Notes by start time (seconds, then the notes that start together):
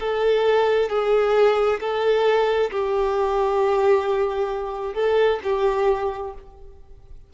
0.00 A4
0.90 G#4
1.81 A4
2.71 G4
4.95 A4
5.44 G4